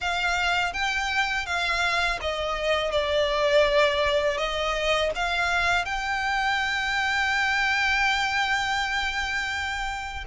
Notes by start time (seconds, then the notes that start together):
0.00 F5
0.73 G5
1.46 F5
2.21 D#5
2.91 D5
4.37 D#5
5.15 F5
5.85 G5